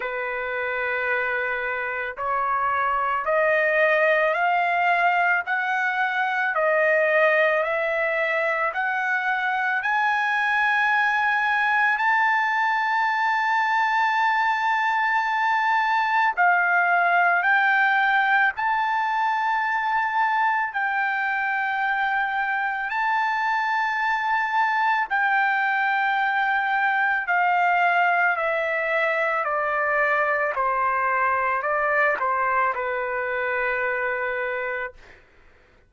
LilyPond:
\new Staff \with { instrumentName = "trumpet" } { \time 4/4 \tempo 4 = 55 b'2 cis''4 dis''4 | f''4 fis''4 dis''4 e''4 | fis''4 gis''2 a''4~ | a''2. f''4 |
g''4 a''2 g''4~ | g''4 a''2 g''4~ | g''4 f''4 e''4 d''4 | c''4 d''8 c''8 b'2 | }